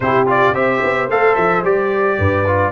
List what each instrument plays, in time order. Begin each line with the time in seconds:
0.00 tuba C3, trombone E4, horn G4, trumpet C5
0.26 trombone F4, trumpet D5
0.54 tuba C4, trombone G4, horn C5, trumpet E5
0.83 tuba B3
1.09 tuba A3, trombone A4, trumpet F5
1.35 tuba F3, trumpet E5
1.63 tuba G3, trombone G4, trumpet D5
2.18 tuba G2, horn B4
2.46 trombone F4